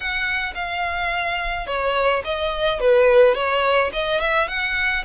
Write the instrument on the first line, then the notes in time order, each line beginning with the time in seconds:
violin
0.00 F#5
0.54 F5
1.66 C#5
2.24 D#5
2.80 B4
3.34 C#5
3.93 D#5
4.20 E5
4.48 F#5